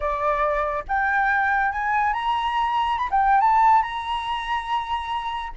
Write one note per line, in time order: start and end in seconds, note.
0.00 0.84 D5
0.87 1.71 G5
1.71 2.13 G#5
2.13 2.97 A#5
2.97 3.08 B5
3.10 3.40 G5
3.40 3.82 A5
3.82 5.52 A#5